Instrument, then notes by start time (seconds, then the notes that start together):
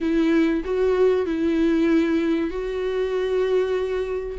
viola
0.01 E4
0.64 F#4
1.26 E4
2.50 F#4